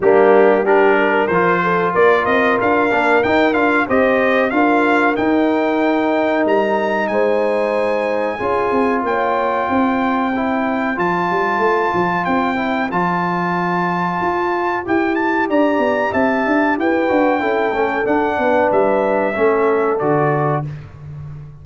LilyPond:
<<
  \new Staff \with { instrumentName = "trumpet" } { \time 4/4 \tempo 4 = 93 g'4 ais'4 c''4 d''8 dis''8 | f''4 g''8 f''8 dis''4 f''4 | g''2 ais''4 gis''4~ | gis''2 g''2~ |
g''4 a''2 g''4 | a''2. g''8 a''8 | ais''4 a''4 g''2 | fis''4 e''2 d''4 | }
  \new Staff \with { instrumentName = "horn" } { \time 4/4 d'4 g'8 ais'4 a'8 ais'4~ | ais'2 c''4 ais'4~ | ais'2. c''4~ | c''4 gis'4 cis''4 c''4~ |
c''1~ | c''1 | d''4 e''4 b'4 a'4~ | a'8 b'4. a'2 | }
  \new Staff \with { instrumentName = "trombone" } { \time 4/4 ais4 d'4 f'2~ | f'8 d'8 dis'8 f'8 g'4 f'4 | dis'1~ | dis'4 f'2. |
e'4 f'2~ f'8 e'8 | f'2. g'4~ | g'2~ g'8 fis'8 e'8 cis'8 | d'2 cis'4 fis'4 | }
  \new Staff \with { instrumentName = "tuba" } { \time 4/4 g2 f4 ais8 c'8 | d'8 ais8 dis'8 d'8 c'4 d'4 | dis'2 g4 gis4~ | gis4 cis'8 c'8 ais4 c'4~ |
c'4 f8 g8 a8 f8 c'4 | f2 f'4 e'4 | d'8 b8 c'8 d'8 e'8 d'8 cis'8 a8 | d'8 b8 g4 a4 d4 | }
>>